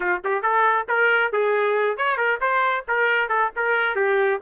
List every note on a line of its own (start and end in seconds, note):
0.00 0.21 F4
0.24 0.42 G4
0.42 0.86 A4
0.88 1.32 A#4
1.32 1.97 G#4
1.97 2.17 C#5
2.17 2.39 A#4
2.40 2.84 C5
2.88 3.28 A#4
3.28 3.51 A4
3.56 3.95 A#4
3.95 4.39 G4